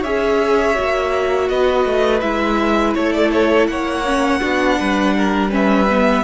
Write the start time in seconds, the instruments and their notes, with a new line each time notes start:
0.00 cello C#4, viola G#4, violin C#5 E5
0.73 cello A#3, viola F#4
1.48 cello B3, violin B4 D#5
1.85 cello A3
2.20 cello G#3, viola E4, violin E5
2.94 cello A3, violin A4 C#5
3.12 violin D5
3.32 violin C#5
3.67 cello A#3, violin C#5 F#5
4.05 viola C#4
4.40 cello B3, viola D4, violin F#4
4.79 cello G3, violin B4
5.16 violin A#4
5.49 viola C#4, violin B4 E5
5.89 viola B3